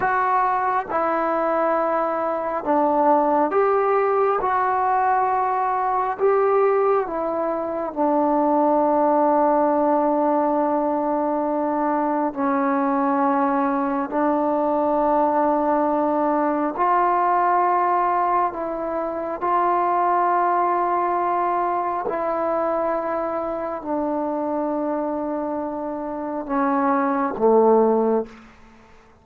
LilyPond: \new Staff \with { instrumentName = "trombone" } { \time 4/4 \tempo 4 = 68 fis'4 e'2 d'4 | g'4 fis'2 g'4 | e'4 d'2.~ | d'2 cis'2 |
d'2. f'4~ | f'4 e'4 f'2~ | f'4 e'2 d'4~ | d'2 cis'4 a4 | }